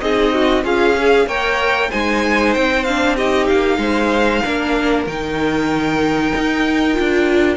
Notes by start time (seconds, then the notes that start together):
0.00 C4 D#4 G#4 D#5
0.34 F#4
0.63 C#4 F4 G#4 F5
0.97 G#4
1.26 A#3 A#4 C#5 G5
1.90 G#3 D#4 C5 G#5
2.53 C4 G5
2.84 D4 F5
3.15 D#4 G4 D#5
3.46 A#3 F5
3.77 G#3 C5
4.43 A#3 D4 A#4
5.06 D#3 D#4 G5
6.35 D#4
6.93 F4
6.99 D4